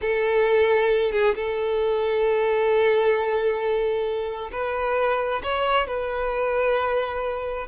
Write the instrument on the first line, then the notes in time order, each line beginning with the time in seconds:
violin
0.01 A4
1.12 G#4
1.35 A4
4.51 B4
5.43 C#5
5.87 B4